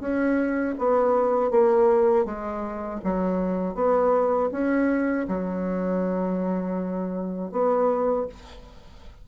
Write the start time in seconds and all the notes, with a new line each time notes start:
0.00 C#4
0.78 B3
1.51 A#3
2.25 G#3
3.04 F#3
3.75 B3
4.52 C#4
5.28 F#3
7.51 B3